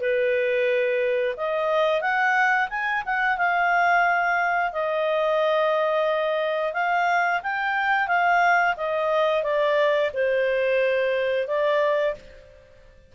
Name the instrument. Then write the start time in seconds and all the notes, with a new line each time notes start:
clarinet
0.00 B4
1.37 D#5
2.01 F#5
2.69 G#5
3.06 F#5
3.37 F5
4.72 D#5
6.73 F5
7.42 G5
8.07 F5
8.76 D#5
9.43 D5
10.13 C5
11.47 D5